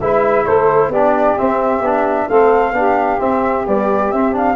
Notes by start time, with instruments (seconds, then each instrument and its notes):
0.00 tuba G#3, trombone E4, saxophone B4, flute E5
0.44 tuba A3, saxophone A4, flute C5
0.89 tuba B3, trombone D4, saxophone G4, flute D5
1.37 trombone C4, tuba C4, flute E5
1.80 tuba B3, trombone D4
2.28 tuba A3, trombone C4, saxophone A4, flute F5
2.72 tuba B3, trombone D4, saxophone G4
3.19 trombone C4, tuba C4, flute E5
3.67 trombone G3, tuba B3, flute D5
4.11 tuba C4, trombone C4, flute E5
4.32 trombone D4, flute F5